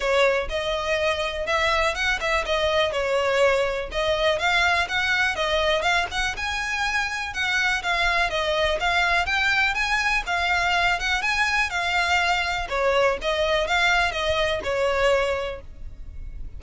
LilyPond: \new Staff \with { instrumentName = "violin" } { \time 4/4 \tempo 4 = 123 cis''4 dis''2 e''4 | fis''8 e''8 dis''4 cis''2 | dis''4 f''4 fis''4 dis''4 | f''8 fis''8 gis''2 fis''4 |
f''4 dis''4 f''4 g''4 | gis''4 f''4. fis''8 gis''4 | f''2 cis''4 dis''4 | f''4 dis''4 cis''2 | }